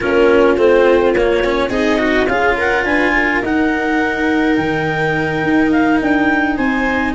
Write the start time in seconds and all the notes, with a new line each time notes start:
0.00 A#3 C#4 F4 A#4
0.57 A3 C4 C5
1.13 A#3 C#5
1.44 C#4
1.69 C4 D#4 G#4 D#5
1.98 F#4
2.27 C#4 F4 G#4 F5
2.56 A#4 F#5
2.83 D4 B4 G#5
3.15 A#4
3.42 D#4 F#5
4.56 D#3 G5
5.43 D#4
5.71 F5
6.01 D4 G5
6.56 C4 C5 G#5